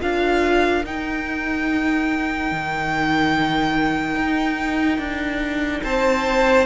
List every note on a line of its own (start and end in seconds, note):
0.00 0.85 D4
0.00 0.83 F4
0.00 5.84 A#4
0.00 0.85 F5
0.85 2.51 D#4
0.85 6.66 D#4
0.85 5.83 G5
2.52 4.15 D#3
4.15 4.98 D#4
4.98 5.81 D4
5.83 6.66 C4
5.83 6.66 C5
5.83 6.66 A5